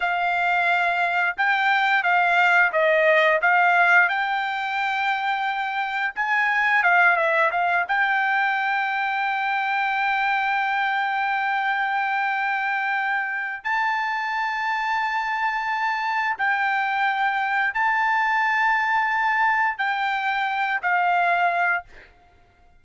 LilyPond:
\new Staff \with { instrumentName = "trumpet" } { \time 4/4 \tempo 4 = 88 f''2 g''4 f''4 | dis''4 f''4 g''2~ | g''4 gis''4 f''8 e''8 f''8 g''8~ | g''1~ |
g''1 | a''1 | g''2 a''2~ | a''4 g''4. f''4. | }